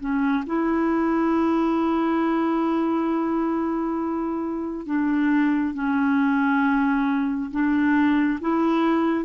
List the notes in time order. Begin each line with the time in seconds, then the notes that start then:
0.00 C#4
0.47 E4
4.86 D4
5.74 C#4
7.51 D4
8.41 E4